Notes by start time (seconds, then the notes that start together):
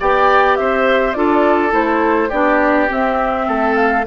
0.00 B3 G4 D5 G5
0.56 C4 C5 E5
1.13 D4 F4 A4 D5
1.70 A3 E4 C5
2.29 B3 D4 G4 D5
2.88 C4 E5
3.48 A3 A4
3.75 F5